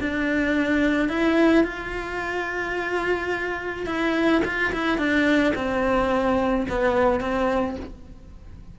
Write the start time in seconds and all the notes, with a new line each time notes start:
0.00 D4
1.08 E4
1.64 F4
3.86 E4
4.44 F4
4.72 E4
4.97 D4
5.55 C4
6.69 B3
7.20 C4